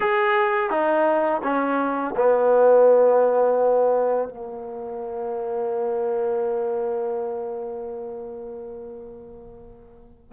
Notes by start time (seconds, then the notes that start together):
0.00 G#4
0.70 D#4
1.43 C#4
2.16 B3
4.29 A#3